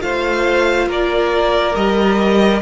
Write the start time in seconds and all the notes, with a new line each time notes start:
0.00 A3 F4 C5 F5
0.87 A#3 A#4 D5
1.76 G3 G4 D#5